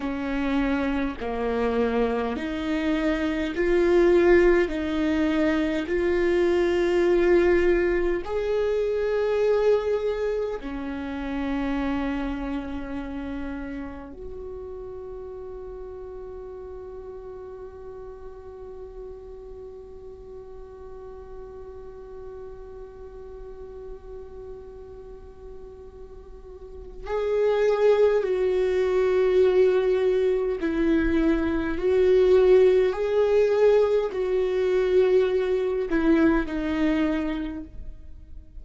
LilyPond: \new Staff \with { instrumentName = "viola" } { \time 4/4 \tempo 4 = 51 cis'4 ais4 dis'4 f'4 | dis'4 f'2 gis'4~ | gis'4 cis'2. | fis'1~ |
fis'1~ | fis'2. gis'4 | fis'2 e'4 fis'4 | gis'4 fis'4. e'8 dis'4 | }